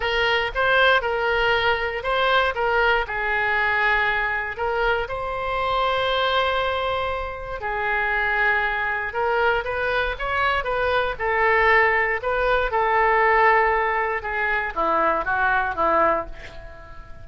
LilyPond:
\new Staff \with { instrumentName = "oboe" } { \time 4/4 \tempo 4 = 118 ais'4 c''4 ais'2 | c''4 ais'4 gis'2~ | gis'4 ais'4 c''2~ | c''2. gis'4~ |
gis'2 ais'4 b'4 | cis''4 b'4 a'2 | b'4 a'2. | gis'4 e'4 fis'4 e'4 | }